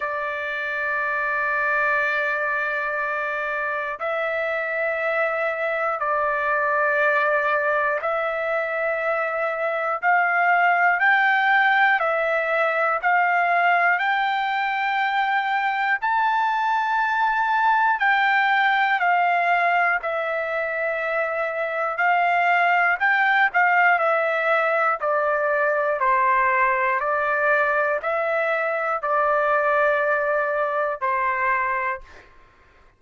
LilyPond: \new Staff \with { instrumentName = "trumpet" } { \time 4/4 \tempo 4 = 60 d''1 | e''2 d''2 | e''2 f''4 g''4 | e''4 f''4 g''2 |
a''2 g''4 f''4 | e''2 f''4 g''8 f''8 | e''4 d''4 c''4 d''4 | e''4 d''2 c''4 | }